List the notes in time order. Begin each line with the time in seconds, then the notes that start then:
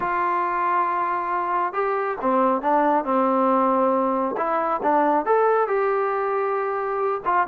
0.00 F4
1.73 G4
2.21 C4
2.61 D4
3.04 C4
4.37 E4
4.82 D4
5.25 A4
5.67 G4
7.25 F4